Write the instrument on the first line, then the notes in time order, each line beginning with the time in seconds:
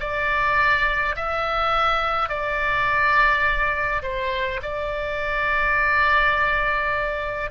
oboe
0.00 D5
1.16 E5
2.29 D5
4.03 C5
4.62 D5